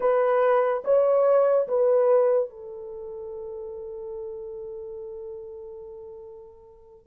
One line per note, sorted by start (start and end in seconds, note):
0.00 0.83 B4
0.84 1.67 C#5
1.67 2.49 B4
2.49 7.06 A4